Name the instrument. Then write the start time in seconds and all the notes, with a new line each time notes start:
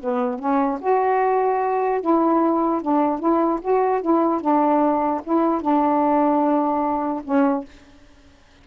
saxophone
0.00 B3
0.39 C#4
0.81 F#4
2.01 E4
2.82 D4
3.19 E4
3.61 F#4
4.02 E4
4.41 D4
5.24 E4
5.62 D4
7.24 C#4